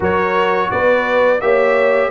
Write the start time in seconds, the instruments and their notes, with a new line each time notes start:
0.00 tuba F#3, trombone F#4, horn A#4, trumpet C#5
0.70 tuba B3, horn B4, trumpet D5
1.41 tuba A#3, trombone G4, horn C#5, trumpet E5